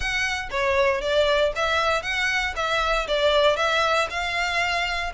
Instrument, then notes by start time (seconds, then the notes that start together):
violin
0.00 F#5
0.50 C#5
1.01 D5
1.55 E5
2.02 F#5
2.55 E5
3.07 D5
3.56 E5
4.10 F5